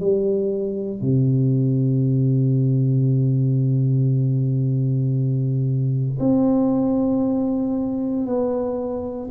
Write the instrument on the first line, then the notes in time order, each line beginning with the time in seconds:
tuba
0.00 G3
1.01 C3
6.20 C4
8.26 B3